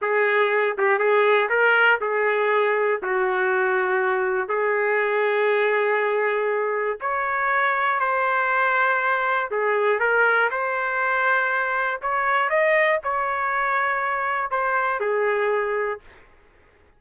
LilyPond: \new Staff \with { instrumentName = "trumpet" } { \time 4/4 \tempo 4 = 120 gis'4. g'8 gis'4 ais'4 | gis'2 fis'2~ | fis'4 gis'2.~ | gis'2 cis''2 |
c''2. gis'4 | ais'4 c''2. | cis''4 dis''4 cis''2~ | cis''4 c''4 gis'2 | }